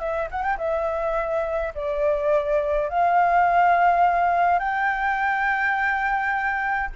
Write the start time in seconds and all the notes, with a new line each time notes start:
0.00 E5
0.31 F#5
0.42 G5
0.58 E5
1.75 D5
2.90 F5
4.59 G5